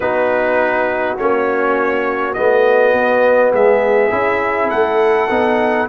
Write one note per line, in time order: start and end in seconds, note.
0.00 1.16 B3
0.00 1.17 D#4
0.00 3.53 F#4
0.00 1.17 B4
1.17 2.36 A#3
1.17 2.35 C#4
1.17 2.33 C#5
2.33 2.93 A3
2.33 4.11 B3
2.33 3.51 D#5
2.93 3.52 B3
3.52 4.11 G#3
3.52 4.70 G#4
3.52 4.70 E5
4.11 4.71 C#4
4.11 5.28 E4
4.70 5.29 A3
4.70 5.87 A4
4.70 5.87 F#5
5.29 5.88 B3
5.29 5.88 D#4